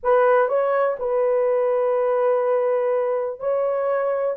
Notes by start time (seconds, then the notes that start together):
0.03 B4
0.48 C#5
0.99 B4
3.39 C#5